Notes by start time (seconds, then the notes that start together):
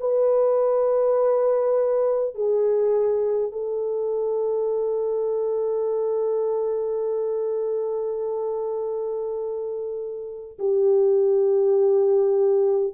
0.00 B4
2.35 G#4
3.52 A4
10.59 G4